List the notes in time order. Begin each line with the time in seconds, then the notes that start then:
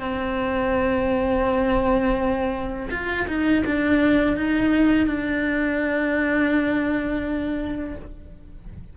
0.00 C4
2.91 F4
3.28 D#4
3.66 D4
4.37 D#4
5.07 D4